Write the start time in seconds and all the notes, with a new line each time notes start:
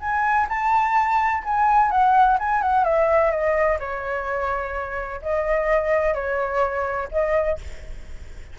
0.00 G#5
0.49 A5
1.44 G#5
1.91 F#5
2.39 G#5
2.62 F#5
2.85 E5
3.31 D#5
3.80 C#5
5.22 D#5
6.14 C#5
7.12 D#5